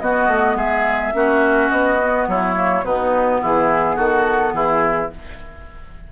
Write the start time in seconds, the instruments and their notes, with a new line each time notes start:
0.00 bassoon B3, clarinet B3, oboe F#4, flute D#5
0.28 bassoon A3
0.55 bassoon G#3, oboe G#4, flute E5
1.14 bassoon A#3, clarinet C#4, oboe F#4
1.70 bassoon B3, flute D#5
2.02 clarinet B3
2.27 bassoon F#3, oboe E4, flute C#5
2.55 clarinet A#3
2.83 bassoon B2, clarinet B3, oboe D#4, flute B4
3.41 bassoon E3, oboe E4, flute G#4
3.96 bassoon D#3, oboe F#4, flute A4
4.53 bassoon E3, oboe E4, flute G#4